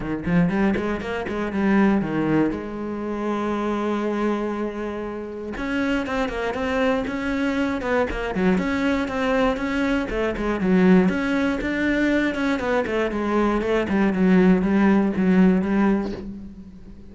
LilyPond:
\new Staff \with { instrumentName = "cello" } { \time 4/4 \tempo 4 = 119 dis8 f8 g8 gis8 ais8 gis8 g4 | dis4 gis2.~ | gis2. cis'4 | c'8 ais8 c'4 cis'4. b8 |
ais8 fis8 cis'4 c'4 cis'4 | a8 gis8 fis4 cis'4 d'4~ | d'8 cis'8 b8 a8 gis4 a8 g8 | fis4 g4 fis4 g4 | }